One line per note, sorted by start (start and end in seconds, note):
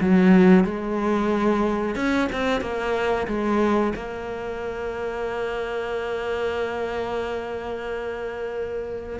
0.00 0.64 F#3
0.64 1.95 G#3
1.95 2.28 C#4
2.32 2.61 C4
2.61 3.27 A#3
3.27 3.93 G#3
3.95 9.19 A#3